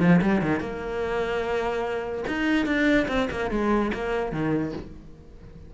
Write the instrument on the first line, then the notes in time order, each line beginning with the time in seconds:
cello
0.00 F3
0.22 G3
0.42 D#3
0.60 A#3
2.28 D#4
2.66 D4
3.08 C4
3.31 A#3
3.51 G#3
3.94 A#3
4.32 D#3